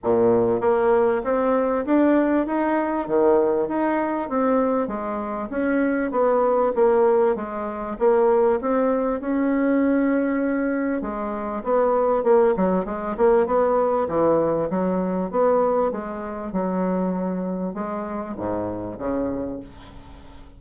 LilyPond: \new Staff \with { instrumentName = "bassoon" } { \time 4/4 \tempo 4 = 98 ais,4 ais4 c'4 d'4 | dis'4 dis4 dis'4 c'4 | gis4 cis'4 b4 ais4 | gis4 ais4 c'4 cis'4~ |
cis'2 gis4 b4 | ais8 fis8 gis8 ais8 b4 e4 | fis4 b4 gis4 fis4~ | fis4 gis4 gis,4 cis4 | }